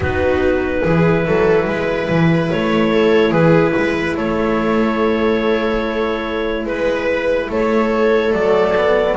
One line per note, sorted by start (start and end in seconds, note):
0.00 0.82 B3
0.00 0.85 D#4
0.00 0.83 F#4
0.00 2.51 B4
0.84 1.26 E3
0.84 8.32 E4
0.84 1.25 G#4
1.26 1.67 F#3
1.26 1.66 A4
1.66 2.08 G#3
1.66 2.91 B4
2.09 2.50 E3
2.51 3.31 A3
2.51 3.32 C#5
2.91 3.30 A4
3.30 3.73 E3
3.30 3.72 G#4
3.30 4.16 B4
3.74 4.17 G#3
3.74 4.16 B4
4.16 6.65 A3
4.16 6.66 A4
4.16 6.66 C#5
6.65 7.48 G#3
6.65 7.49 B4
6.65 7.51 B4
7.49 8.32 A3
7.49 9.16 A4
7.49 8.32 C#5
8.32 9.15 F#3
8.32 8.74 A3
8.32 9.16 D5
8.76 9.16 B3